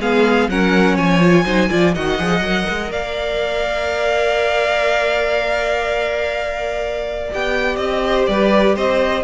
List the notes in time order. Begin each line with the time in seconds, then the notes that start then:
0.00 G#3 B3 G#4 F5
0.49 F#3 C#4 A#4 F#5
0.96 F3 C#5 G#5
1.21 F4
1.45 F#3 D#4 C5
1.70 F3 F4 D5
1.94 D#3 F#4 D#5 F#5
2.19 F3 G#4
2.40 F#3 A#4
2.69 G#3
2.91 A#3 D5 F5
7.32 B3 G4 G5
7.76 C4 D#5
8.05 C5
8.27 G3 B4 D5
8.75 C4 C5 D#5